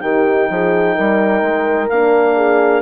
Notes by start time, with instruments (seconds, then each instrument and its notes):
0.00 bassoon D#3, horn D#4 G4, clarinet G5
0.49 bassoon F3, horn G#4
0.95 bassoon G3, horn A#4
1.42 bassoon G#3
1.89 bassoon A#3, horn D4, clarinet F5
2.36 horn G#4